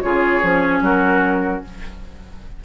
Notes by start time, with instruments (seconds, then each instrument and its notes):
0.00 bassoon C#3, clarinet F4, oboe G#4, flute C#5
0.42 bassoon F3, clarinet C#4
0.81 bassoon F#3, oboe F#4, flute A#4